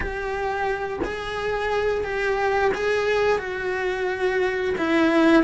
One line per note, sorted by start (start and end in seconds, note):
0.00 0.99 G4
1.04 2.04 G#4
2.04 2.72 G4
2.74 3.38 G#4
3.38 4.74 F#4
4.77 5.43 E4